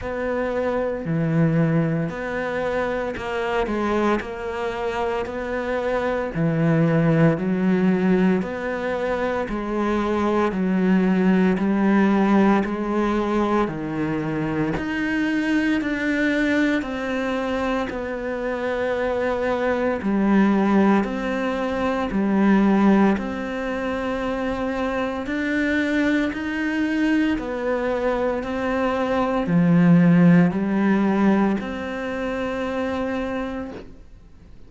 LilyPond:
\new Staff \with { instrumentName = "cello" } { \time 4/4 \tempo 4 = 57 b4 e4 b4 ais8 gis8 | ais4 b4 e4 fis4 | b4 gis4 fis4 g4 | gis4 dis4 dis'4 d'4 |
c'4 b2 g4 | c'4 g4 c'2 | d'4 dis'4 b4 c'4 | f4 g4 c'2 | }